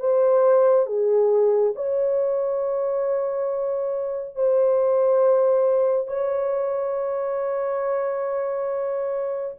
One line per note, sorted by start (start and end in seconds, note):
0.00 0.87 C5
0.87 1.74 G#4
1.76 4.36 C#5
4.36 6.08 C5
6.08 9.56 C#5